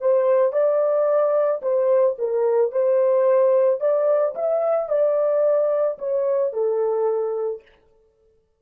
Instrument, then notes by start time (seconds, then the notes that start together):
horn
0.00 C5
0.52 D5
1.62 C5
2.18 A#4
2.71 C5
3.80 D5
4.35 E5
4.89 D5
5.98 C#5
6.53 A4